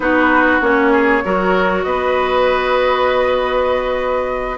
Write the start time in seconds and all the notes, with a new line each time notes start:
0.00 B3 D#4 F#4 B4
0.61 A#3 C#4 C#5
0.92 G#4
1.24 F#3 F#4 A#4
1.83 B3 B4 D#5